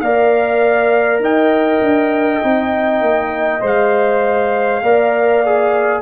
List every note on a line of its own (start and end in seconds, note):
0.00 1.19 A#3
0.00 2.43 A#4
0.00 1.23 D5
0.00 1.20 F5
1.19 1.79 D#4
1.19 4.83 D#5
1.19 3.63 G5
1.81 2.41 D4
2.43 3.00 C4
2.43 3.60 D#4
3.00 3.60 A#3
3.60 4.82 G#3
3.60 4.80 C5
3.60 6.01 F5
4.82 6.01 A#3
4.82 5.43 A#4
4.82 6.01 D5
5.45 6.01 G#4